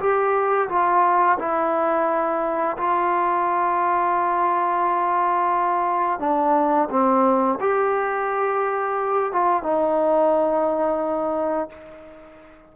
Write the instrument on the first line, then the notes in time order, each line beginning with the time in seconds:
trombone
0.00 G4
0.69 F4
1.39 E4
2.78 F4
6.20 D4
6.90 C4
7.61 G4
9.33 F4
9.63 D#4